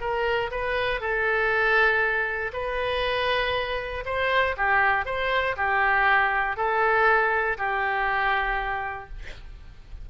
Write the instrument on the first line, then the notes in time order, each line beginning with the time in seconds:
oboe
0.00 A#4
0.51 B4
1.00 A4
2.53 B4
4.05 C5
4.57 G4
5.05 C5
5.56 G4
6.56 A4
7.57 G4